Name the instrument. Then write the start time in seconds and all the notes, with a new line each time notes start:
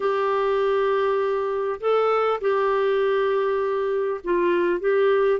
clarinet
0.00 G4
1.80 A4
2.40 G4
4.24 F4
4.80 G4